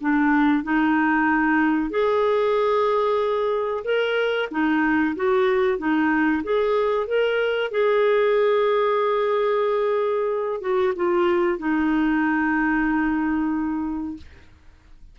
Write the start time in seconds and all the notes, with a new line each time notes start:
0.00 D4
0.63 D#4
1.90 G#4
3.84 A#4
4.51 D#4
5.16 F#4
5.78 D#4
6.43 G#4
7.07 A#4
7.71 G#4
10.61 F#4
10.96 F4
11.58 D#4